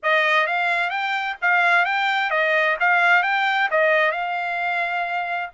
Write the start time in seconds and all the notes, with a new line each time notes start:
0.03 D#5
0.47 F5
0.89 G5
1.41 F5
1.85 G5
2.30 D#5
2.80 F5
3.23 G5
3.70 D#5
4.11 F5